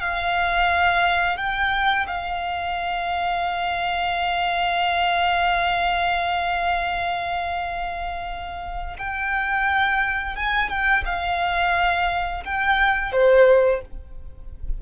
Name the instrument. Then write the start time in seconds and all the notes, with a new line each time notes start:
violin
0.00 F5
1.37 G5
2.07 F5
8.98 G5
10.36 G#5
10.69 G5
11.06 F5
12.45 G5
13.12 C5